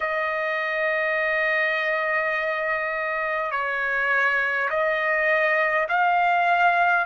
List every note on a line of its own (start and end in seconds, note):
0.00 3.51 D#5
3.51 4.68 C#5
4.70 5.87 D#5
5.88 7.05 F5